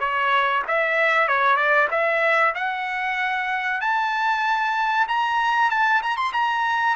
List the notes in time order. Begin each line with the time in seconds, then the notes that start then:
0.00 C#5
0.68 E5
1.28 C#5
1.57 D5
1.91 E5
2.55 F#5
3.81 A5
5.08 A#5
5.70 A5
6.03 A#5
6.17 C6
6.33 A#5